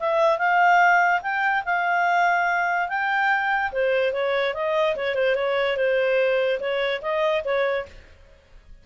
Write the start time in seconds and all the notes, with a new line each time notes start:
0.00 E5
0.39 F5
1.22 G5
1.66 F5
2.89 G5
3.72 C5
4.13 C#5
4.55 D#5
4.97 C#5
5.15 C5
5.36 C#5
5.77 C5
6.60 C#5
7.02 D#5
7.45 C#5